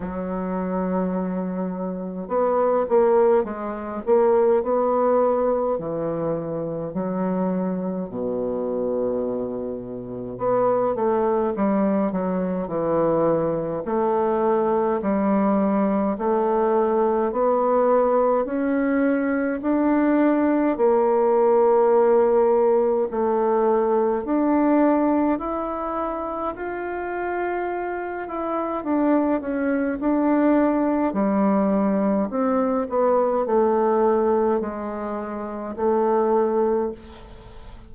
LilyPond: \new Staff \with { instrumentName = "bassoon" } { \time 4/4 \tempo 4 = 52 fis2 b8 ais8 gis8 ais8 | b4 e4 fis4 b,4~ | b,4 b8 a8 g8 fis8 e4 | a4 g4 a4 b4 |
cis'4 d'4 ais2 | a4 d'4 e'4 f'4~ | f'8 e'8 d'8 cis'8 d'4 g4 | c'8 b8 a4 gis4 a4 | }